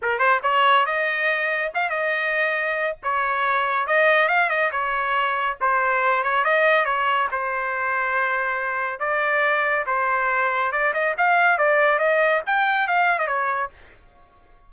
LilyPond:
\new Staff \with { instrumentName = "trumpet" } { \time 4/4 \tempo 4 = 140 ais'8 c''8 cis''4 dis''2 | f''8 dis''2~ dis''8 cis''4~ | cis''4 dis''4 f''8 dis''8 cis''4~ | cis''4 c''4. cis''8 dis''4 |
cis''4 c''2.~ | c''4 d''2 c''4~ | c''4 d''8 dis''8 f''4 d''4 | dis''4 g''4 f''8. dis''16 cis''4 | }